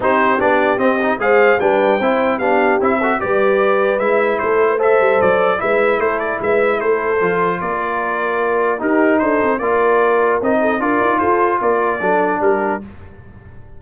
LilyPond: <<
  \new Staff \with { instrumentName = "trumpet" } { \time 4/4 \tempo 4 = 150 c''4 d''4 dis''4 f''4 | g''2 f''4 e''4 | d''2 e''4 c''4 | e''4 d''4 e''4 c''8 d''8 |
e''4 c''2 d''4~ | d''2 ais'4 c''4 | d''2 dis''4 d''4 | c''4 d''2 ais'4 | }
  \new Staff \with { instrumentName = "horn" } { \time 4/4 g'2. c''4 | b'4 c''4 g'4. a'8 | b'2. a'8. b'16 | c''2 b'4 a'4 |
b'4 a'2 ais'4~ | ais'2 g'4 a'4 | ais'2~ ais'8 a'8 ais'4 | a'4 ais'4 a'4 g'4 | }
  \new Staff \with { instrumentName = "trombone" } { \time 4/4 dis'4 d'4 c'8 dis'8 gis'4 | d'4 e'4 d'4 e'8 fis'8 | g'2 e'2 | a'2 e'2~ |
e'2 f'2~ | f'2 dis'2 | f'2 dis'4 f'4~ | f'2 d'2 | }
  \new Staff \with { instrumentName = "tuba" } { \time 4/4 c'4 b4 c'4 gis4 | g4 c'4 b4 c'4 | g2 gis4 a4~ | a8 g8 fis4 gis4 a4 |
gis4 a4 f4 ais4~ | ais2 dis'4 d'8 c'8 | ais2 c'4 d'8 dis'8 | f'4 ais4 fis4 g4 | }
>>